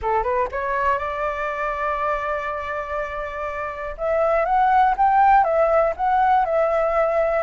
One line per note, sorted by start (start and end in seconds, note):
0.02 0.23 A4
0.23 0.48 B4
0.51 0.98 C#5
0.98 3.95 D5
3.97 4.45 E5
4.45 4.95 F#5
4.97 5.43 G5
5.43 5.93 E5
5.96 6.45 F#5
6.45 7.43 E5